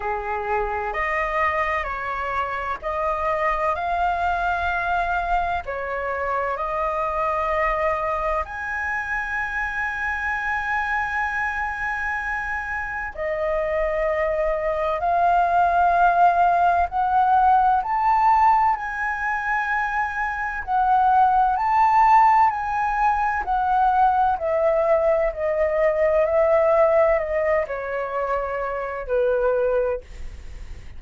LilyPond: \new Staff \with { instrumentName = "flute" } { \time 4/4 \tempo 4 = 64 gis'4 dis''4 cis''4 dis''4 | f''2 cis''4 dis''4~ | dis''4 gis''2.~ | gis''2 dis''2 |
f''2 fis''4 a''4 | gis''2 fis''4 a''4 | gis''4 fis''4 e''4 dis''4 | e''4 dis''8 cis''4. b'4 | }